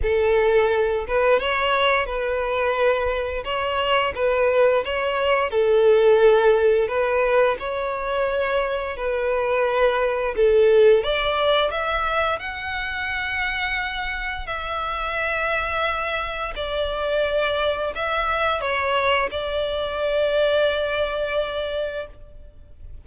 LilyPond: \new Staff \with { instrumentName = "violin" } { \time 4/4 \tempo 4 = 87 a'4. b'8 cis''4 b'4~ | b'4 cis''4 b'4 cis''4 | a'2 b'4 cis''4~ | cis''4 b'2 a'4 |
d''4 e''4 fis''2~ | fis''4 e''2. | d''2 e''4 cis''4 | d''1 | }